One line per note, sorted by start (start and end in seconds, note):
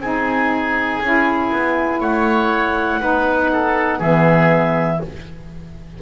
0.00 1.00 C4
0.00 1.02 D#4
0.00 2.01 G#4
0.00 2.01 G#5
1.01 1.51 C#4
1.01 3.01 E4
1.52 2.01 B3
2.01 3.01 A3
2.01 3.00 C#5
2.01 4.02 F#5
3.00 4.01 B3
3.00 4.01 D#4
3.00 3.50 B4
3.52 3.99 A4
3.99 5.01 E3
3.99 5.01 B3
3.99 4.99 G#4
3.99 5.02 E5